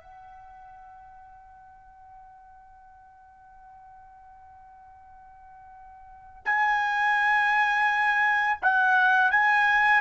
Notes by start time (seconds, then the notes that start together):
0.00 F#5
6.45 G#5
8.62 F#5
9.31 G#5